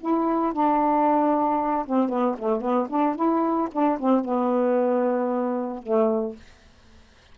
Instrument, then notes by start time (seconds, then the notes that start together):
saxophone
0.00 E4
0.53 D4
1.86 C4
2.09 B3
2.38 A3
2.61 B3
2.89 D4
3.15 E4
3.72 D4
3.99 C4
4.25 B3
5.83 A3